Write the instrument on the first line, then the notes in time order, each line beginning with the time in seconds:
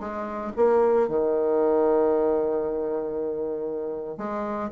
bassoon
0.00 G#3
0.56 A#3
1.09 D#3
4.18 G#3